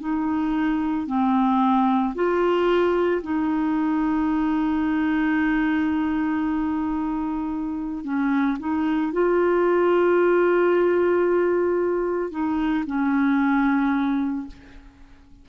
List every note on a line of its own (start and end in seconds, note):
0.00 1.07 D#4
1.07 2.14 C4
2.15 3.22 F4
3.22 8.04 D#4
8.04 8.58 C#4
8.59 9.13 D#4
9.13 12.31 F4
12.31 12.84 D#4
12.86 14.47 C#4